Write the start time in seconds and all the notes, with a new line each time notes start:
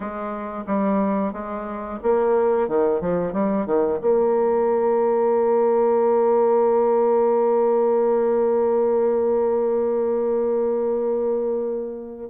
0.00 G#3
0.66 G3
1.32 G#3
2.02 A#3
2.68 D#3
3.00 F3
3.32 G3
3.65 D#3
4.01 A#3